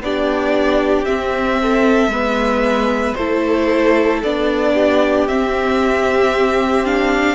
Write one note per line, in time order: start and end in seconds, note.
0.00 1.05 B3
0.00 1.05 D4
0.00 1.61 G4
0.00 1.05 D5
1.05 2.10 C4
1.05 2.07 C4
1.05 3.14 E5
1.61 2.12 A4
2.07 3.13 G#3
2.07 3.16 B3
2.07 3.17 B4
3.14 4.23 A3
3.14 4.24 E4
3.14 4.74 A4
3.14 4.19 C5
4.23 5.28 B3
4.23 5.28 D4
4.23 5.27 D5
4.74 7.34 G4
5.27 6.84 C4
5.27 7.34 C4
5.27 6.85 E5
6.84 7.34 D4
6.84 7.34 F5